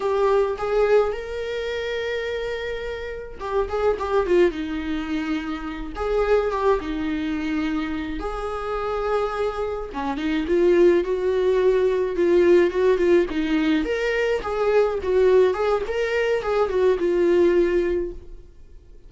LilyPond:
\new Staff \with { instrumentName = "viola" } { \time 4/4 \tempo 4 = 106 g'4 gis'4 ais'2~ | ais'2 g'8 gis'8 g'8 f'8 | dis'2~ dis'8 gis'4 g'8 | dis'2~ dis'8 gis'4.~ |
gis'4. cis'8 dis'8 f'4 fis'8~ | fis'4. f'4 fis'8 f'8 dis'8~ | dis'8 ais'4 gis'4 fis'4 gis'8 | ais'4 gis'8 fis'8 f'2 | }